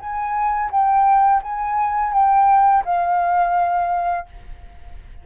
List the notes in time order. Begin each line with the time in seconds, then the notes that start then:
0.00 G#5
0.71 G5
1.43 G#5
2.13 G5
2.85 F5